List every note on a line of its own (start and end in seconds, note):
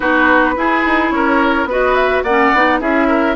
0.00 0.56 B3
0.00 0.55 D#4
0.00 0.54 F#4
0.00 1.10 B4
0.56 1.68 E4
0.56 0.84 E4
0.56 1.14 G#4
0.85 1.11 D#4
1.10 1.64 C#4
1.10 1.69 A#4
1.10 1.66 C#5
1.64 2.20 B3
1.64 2.25 F#4
1.64 2.23 B4
1.71 1.94 D#5
1.94 2.22 E5
2.23 2.51 A#3
2.23 2.55 C#4
2.23 2.79 D5
2.23 2.79 F#5
2.53 2.81 B3
2.53 2.80 D#4
2.80 3.36 C#4
2.80 3.36 E4
2.80 3.07 G#4
2.80 3.36 E5
3.07 3.35 A#4